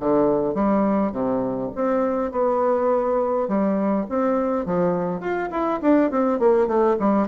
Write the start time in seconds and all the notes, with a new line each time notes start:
0.00 D3
0.55 G3
1.12 C3
1.75 C4
2.31 B3
3.48 G3
4.09 C4
4.65 F3
5.20 F4
5.51 E4
5.82 D4
6.11 C4
6.39 A#3
6.67 A3
7.00 G3